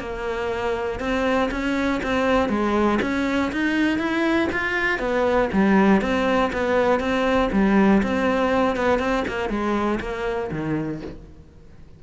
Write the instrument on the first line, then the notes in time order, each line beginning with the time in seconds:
cello
0.00 A#3
1.00 C4
1.51 C#4
2.03 C4
2.49 G#3
3.02 C#4
3.52 D#4
3.99 E4
4.52 F4
4.99 B3
5.53 G3
6.02 C4
6.53 B3
7.00 C4
7.52 G3
8.03 C4
8.76 B3
8.99 C4
9.28 A#3
9.49 G#3
10.00 A#3
10.52 D#3